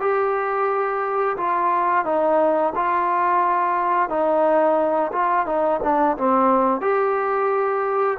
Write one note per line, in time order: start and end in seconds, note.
0.00 1.36 G4
1.36 2.05 F4
2.05 2.73 D#4
2.75 4.09 F4
4.09 5.11 D#4
5.12 5.46 F4
5.46 5.80 D#4
5.82 6.16 D4
6.17 6.81 C4
6.81 8.17 G4